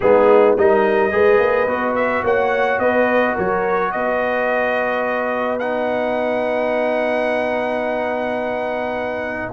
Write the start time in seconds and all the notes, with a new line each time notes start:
0.00 G#3 B3 D#4 G#4
0.57 G3 D#4 A#4 D#5
1.11 G#3 G#4 B4
1.39 A#3
1.67 B3 F#4
1.95 E5
2.23 A#3 C#5 F#5
2.79 B3 B4 D#5
3.34 F#3 A#4 C#5
3.91 B3 B4 D#5
5.59 D#4 F#5